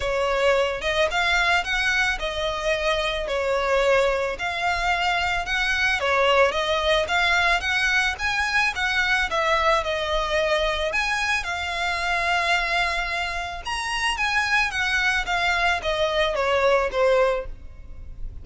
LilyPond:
\new Staff \with { instrumentName = "violin" } { \time 4/4 \tempo 4 = 110 cis''4. dis''8 f''4 fis''4 | dis''2 cis''2 | f''2 fis''4 cis''4 | dis''4 f''4 fis''4 gis''4 |
fis''4 e''4 dis''2 | gis''4 f''2.~ | f''4 ais''4 gis''4 fis''4 | f''4 dis''4 cis''4 c''4 | }